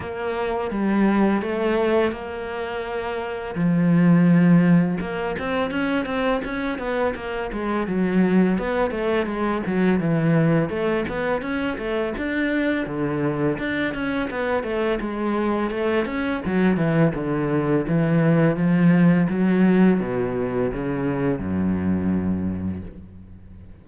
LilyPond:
\new Staff \with { instrumentName = "cello" } { \time 4/4 \tempo 4 = 84 ais4 g4 a4 ais4~ | ais4 f2 ais8 c'8 | cis'8 c'8 cis'8 b8 ais8 gis8 fis4 | b8 a8 gis8 fis8 e4 a8 b8 |
cis'8 a8 d'4 d4 d'8 cis'8 | b8 a8 gis4 a8 cis'8 fis8 e8 | d4 e4 f4 fis4 | b,4 cis4 fis,2 | }